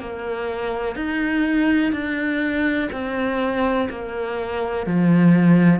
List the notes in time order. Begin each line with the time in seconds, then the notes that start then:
0.00 A#3
0.95 D#4
1.93 D4
2.92 C4
3.90 A#3
4.87 F3